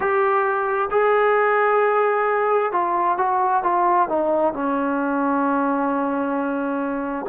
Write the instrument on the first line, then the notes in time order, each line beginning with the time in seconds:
trombone
0.00 G4
0.90 G#4
2.71 F4
3.17 F#4
3.63 F4
4.08 D#4
4.53 C#4